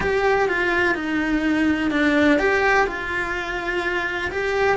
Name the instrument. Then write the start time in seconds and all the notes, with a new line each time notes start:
cello
0.00 G4
0.48 F4
0.94 D#4
1.90 D4
2.38 G4
2.86 F4
4.31 G4